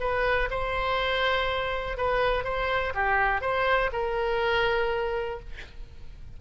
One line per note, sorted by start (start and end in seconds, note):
0.00 0.49 B4
0.51 1.97 C5
1.97 2.44 B4
2.44 2.93 C5
2.94 3.41 G4
3.41 3.91 C5
3.92 5.40 A#4